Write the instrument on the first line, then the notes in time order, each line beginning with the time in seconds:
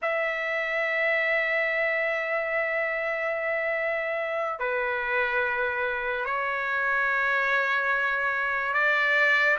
trumpet
0.02 E5
4.59 B4
6.25 C#5
8.73 D5